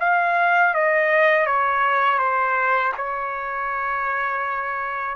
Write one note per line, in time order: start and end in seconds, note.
0.00 0.74 F5
0.74 1.46 D#5
1.46 2.19 C#5
2.19 2.93 C5
2.97 5.16 C#5